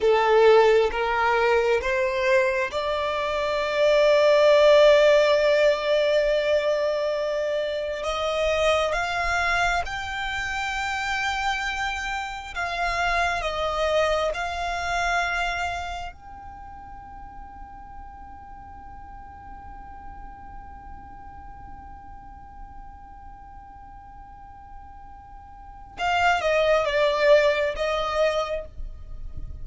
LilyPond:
\new Staff \with { instrumentName = "violin" } { \time 4/4 \tempo 4 = 67 a'4 ais'4 c''4 d''4~ | d''1~ | d''4 dis''4 f''4 g''4~ | g''2 f''4 dis''4 |
f''2 g''2~ | g''1~ | g''1~ | g''4 f''8 dis''8 d''4 dis''4 | }